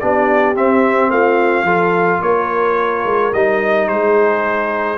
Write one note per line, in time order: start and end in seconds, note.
0.00 0.56 B3
0.00 0.55 D4
0.00 1.12 G4
0.00 0.56 D5
0.55 1.66 C4
0.55 1.10 C4
0.55 1.11 E5
1.10 1.64 A3
1.10 1.65 F4
1.10 2.22 F5
1.64 2.19 F3
1.64 3.33 F4
1.64 2.20 A4
2.21 3.05 A#3
2.21 3.91 A#4
2.21 3.34 C#5
3.05 3.33 G#3
3.34 3.88 G3
3.34 4.98 D#4
3.34 3.88 D#5
3.88 4.98 G#3
3.88 4.98 G#4
3.88 4.98 C5